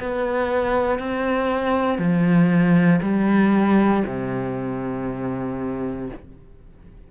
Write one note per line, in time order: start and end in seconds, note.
0.00 0.99 B3
0.99 1.98 C4
1.98 3.00 F3
3.02 4.04 G3
4.06 6.10 C3